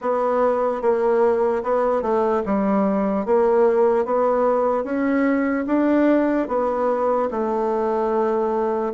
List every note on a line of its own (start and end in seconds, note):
0.01 0.81 B3
0.81 1.62 A#3
1.63 2.02 B3
2.02 2.42 A3
2.45 3.25 G3
3.25 4.05 A#3
4.05 4.84 B3
4.84 5.65 C#4
5.66 6.48 D4
6.48 7.29 B3
7.30 8.93 A3